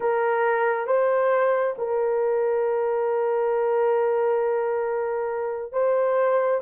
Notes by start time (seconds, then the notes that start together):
0.00 A#4
0.86 C5
1.78 A#4
5.72 C5